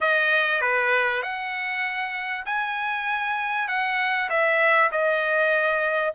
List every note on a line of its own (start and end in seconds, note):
0.00 0.61 D#5
0.61 1.22 B4
1.22 2.45 F#5
2.45 3.67 G#5
3.67 4.29 F#5
4.29 4.90 E5
4.91 6.14 D#5